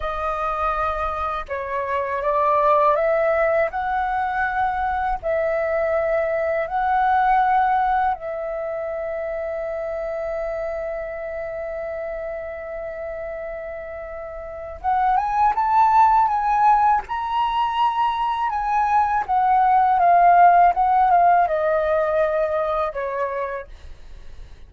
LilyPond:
\new Staff \with { instrumentName = "flute" } { \time 4/4 \tempo 4 = 81 dis''2 cis''4 d''4 | e''4 fis''2 e''4~ | e''4 fis''2 e''4~ | e''1~ |
e''1 | fis''8 gis''8 a''4 gis''4 ais''4~ | ais''4 gis''4 fis''4 f''4 | fis''8 f''8 dis''2 cis''4 | }